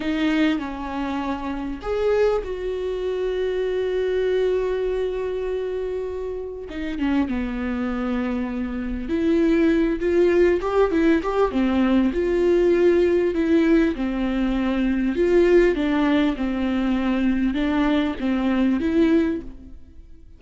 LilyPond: \new Staff \with { instrumentName = "viola" } { \time 4/4 \tempo 4 = 99 dis'4 cis'2 gis'4 | fis'1~ | fis'2. dis'8 cis'8 | b2. e'4~ |
e'8 f'4 g'8 e'8 g'8 c'4 | f'2 e'4 c'4~ | c'4 f'4 d'4 c'4~ | c'4 d'4 c'4 e'4 | }